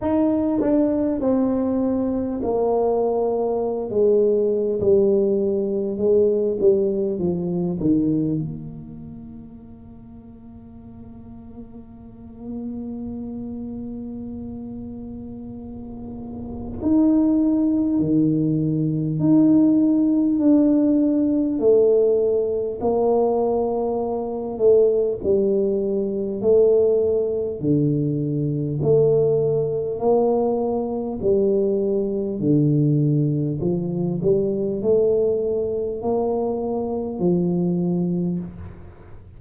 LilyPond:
\new Staff \with { instrumentName = "tuba" } { \time 4/4 \tempo 4 = 50 dis'8 d'8 c'4 ais4~ ais16 gis8. | g4 gis8 g8 f8 dis8 ais4~ | ais1~ | ais2 dis'4 dis4 |
dis'4 d'4 a4 ais4~ | ais8 a8 g4 a4 d4 | a4 ais4 g4 d4 | f8 g8 a4 ais4 f4 | }